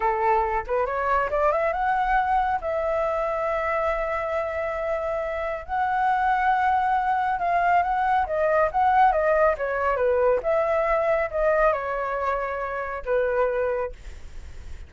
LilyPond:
\new Staff \with { instrumentName = "flute" } { \time 4/4 \tempo 4 = 138 a'4. b'8 cis''4 d''8 e''8 | fis''2 e''2~ | e''1~ | e''4 fis''2.~ |
fis''4 f''4 fis''4 dis''4 | fis''4 dis''4 cis''4 b'4 | e''2 dis''4 cis''4~ | cis''2 b'2 | }